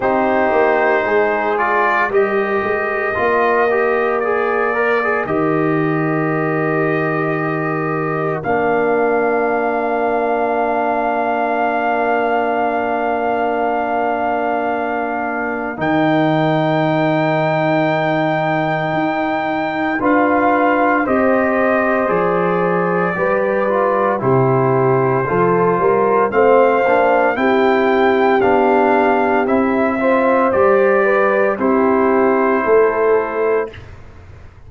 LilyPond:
<<
  \new Staff \with { instrumentName = "trumpet" } { \time 4/4 \tempo 4 = 57 c''4. d''8 dis''2 | d''4 dis''2. | f''1~ | f''2. g''4~ |
g''2. f''4 | dis''4 d''2 c''4~ | c''4 f''4 g''4 f''4 | e''4 d''4 c''2 | }
  \new Staff \with { instrumentName = "horn" } { \time 4/4 g'4 gis'4 ais'2~ | ais'1~ | ais'1~ | ais'1~ |
ais'2. b'4 | c''2 b'4 g'4 | a'8 ais'8 c''4 g'2~ | g'8 c''4 b'8 g'4 a'4 | }
  \new Staff \with { instrumentName = "trombone" } { \time 4/4 dis'4. f'8 g'4 f'8 g'8 | gis'8 ais'16 gis'16 g'2. | d'1~ | d'2. dis'4~ |
dis'2. f'4 | g'4 gis'4 g'8 f'8 e'4 | f'4 c'8 d'8 e'4 d'4 | e'8 f'8 g'4 e'2 | }
  \new Staff \with { instrumentName = "tuba" } { \time 4/4 c'8 ais8 gis4 g8 gis8 ais4~ | ais4 dis2. | ais1~ | ais2. dis4~ |
dis2 dis'4 d'4 | c'4 f4 g4 c4 | f8 g8 a8 ais8 c'4 b4 | c'4 g4 c'4 a4 | }
>>